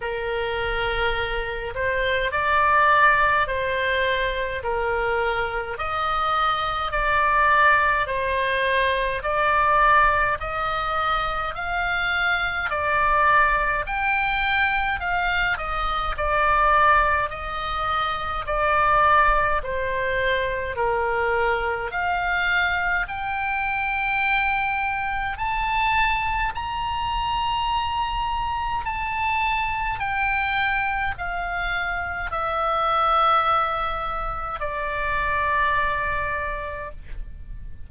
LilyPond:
\new Staff \with { instrumentName = "oboe" } { \time 4/4 \tempo 4 = 52 ais'4. c''8 d''4 c''4 | ais'4 dis''4 d''4 c''4 | d''4 dis''4 f''4 d''4 | g''4 f''8 dis''8 d''4 dis''4 |
d''4 c''4 ais'4 f''4 | g''2 a''4 ais''4~ | ais''4 a''4 g''4 f''4 | e''2 d''2 | }